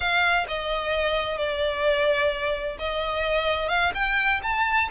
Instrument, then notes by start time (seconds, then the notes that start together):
violin
0.00 F5
0.48 D#5
1.37 D5
2.78 D#5
3.68 F5
3.94 G5
4.42 A5